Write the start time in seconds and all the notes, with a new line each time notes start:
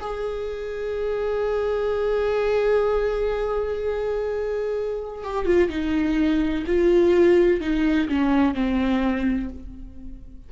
0.00 G#4
5.24 G4
5.46 F4
5.70 D#4
6.67 F4
7.61 D#4
8.09 C#4
8.54 C4